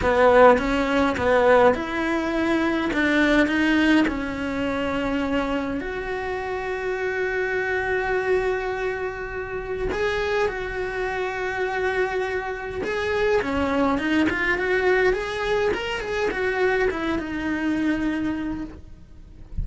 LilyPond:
\new Staff \with { instrumentName = "cello" } { \time 4/4 \tempo 4 = 103 b4 cis'4 b4 e'4~ | e'4 d'4 dis'4 cis'4~ | cis'2 fis'2~ | fis'1~ |
fis'4 gis'4 fis'2~ | fis'2 gis'4 cis'4 | dis'8 f'8 fis'4 gis'4 ais'8 gis'8 | fis'4 e'8 dis'2~ dis'8 | }